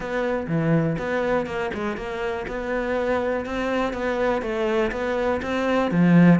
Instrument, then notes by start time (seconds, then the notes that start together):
cello
0.00 B3
0.47 E3
0.98 B3
1.46 A#3
1.73 G#3
1.96 A#3
2.47 B3
3.45 C4
3.93 B3
4.42 A3
4.91 B3
5.42 C4
5.91 F3